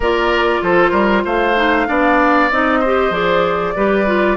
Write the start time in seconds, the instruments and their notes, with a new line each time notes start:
0.00 bassoon A#3, clarinet F4, oboe A#4, flute D5
0.62 bassoon F3, oboe A4, flute C5
0.90 bassoon G3, oboe A#4
1.24 bassoon A3, oboe C5, flute F5
1.56 clarinet D#4
1.87 bassoon B3, clarinet D4, oboe D5
2.51 bassoon C4, clarinet D#4, flute D#5
2.80 clarinet G4, oboe C5
3.10 bassoon F3, clarinet G#4, flute D5
3.76 bassoon G3, clarinet G4, oboe B4
4.06 clarinet F4